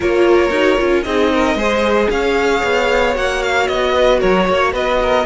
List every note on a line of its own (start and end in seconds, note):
0.00 0.50 A#3
0.00 0.51 F4
0.00 1.05 A#4
0.00 1.03 C#5
0.50 0.76 D#4
0.50 0.78 F#4
0.78 1.05 C#4
0.78 1.04 F4
1.03 1.55 C4
1.03 1.58 D#4
1.03 1.32 G#4
1.03 2.08 D#5
1.33 1.57 A#4
1.55 2.07 G#3
1.55 3.13 G#4
1.55 2.09 C5
2.10 2.62 C#4
2.10 3.94 C#5
2.10 3.16 F5
2.63 3.15 B3
3.13 3.68 A#3
3.13 5.24 F#4
3.13 3.42 F#5
3.42 3.67 F5
3.67 4.21 B3
3.67 4.20 D#5
3.94 4.19 B4
4.19 4.48 F#3
4.19 4.46 A#4
4.19 4.72 C#5
4.48 4.73 A#3
4.48 4.73 C#5
4.73 5.25 B3
4.73 4.99 B4
4.73 5.26 D#5
5.02 5.26 A#4